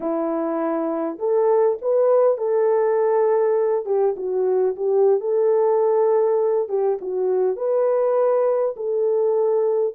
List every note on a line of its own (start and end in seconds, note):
0.00 1.18 E4
1.19 1.78 A4
1.81 2.37 B4
2.37 3.85 A4
3.85 4.15 G4
4.16 4.75 F#4
4.76 5.20 G4
5.20 6.68 A4
6.68 6.98 G4
7.01 7.56 F#4
7.56 8.75 B4
8.76 9.94 A4